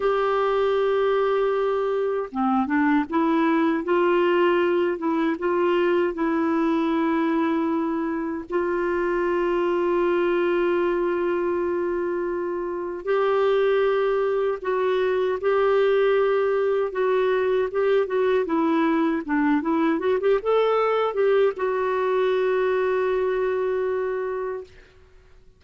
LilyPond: \new Staff \with { instrumentName = "clarinet" } { \time 4/4 \tempo 4 = 78 g'2. c'8 d'8 | e'4 f'4. e'8 f'4 | e'2. f'4~ | f'1~ |
f'4 g'2 fis'4 | g'2 fis'4 g'8 fis'8 | e'4 d'8 e'8 fis'16 g'16 a'4 g'8 | fis'1 | }